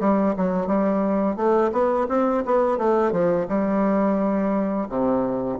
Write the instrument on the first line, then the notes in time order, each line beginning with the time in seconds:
bassoon
0.00 G3
0.37 F#3
0.67 G3
1.36 A3
1.72 B3
2.09 C4
2.45 B3
2.77 A3
3.12 F3
3.49 G3
4.89 C3